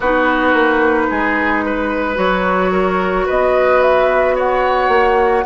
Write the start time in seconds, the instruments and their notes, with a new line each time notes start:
0.00 bassoon B3, clarinet D#4, oboe F#4, flute B4
0.53 bassoon A#3
1.10 bassoon G#3, oboe G#4
1.65 oboe B4
2.15 bassoon F#3, clarinet F#4, flute C#5
2.71 oboe A#4
3.26 bassoon B3, oboe B4, flute D#5
3.81 flute E5
4.35 oboe C#5, flute F#5
4.88 bassoon A#3